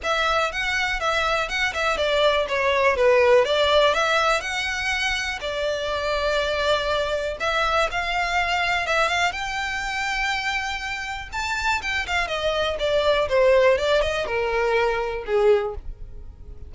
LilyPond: \new Staff \with { instrumentName = "violin" } { \time 4/4 \tempo 4 = 122 e''4 fis''4 e''4 fis''8 e''8 | d''4 cis''4 b'4 d''4 | e''4 fis''2 d''4~ | d''2. e''4 |
f''2 e''8 f''8 g''4~ | g''2. a''4 | g''8 f''8 dis''4 d''4 c''4 | d''8 dis''8 ais'2 gis'4 | }